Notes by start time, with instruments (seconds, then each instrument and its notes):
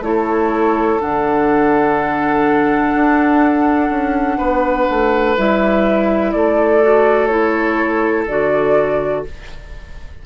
0.00 bassoon A3, clarinet E4, flute C#5
0.07 oboe A4
1.00 bassoon D3, clarinet D4, flute F#5
2.94 bassoon D4
3.90 bassoon C#4
4.37 bassoon B3, oboe B4
4.89 bassoon A3
5.37 bassoon G3, clarinet E4, flute E5
6.31 bassoon A3, oboe A4, flute D5
6.82 clarinet F#4
7.26 clarinet E4, flute C#5
8.27 bassoon D3, clarinet F#4, flute D5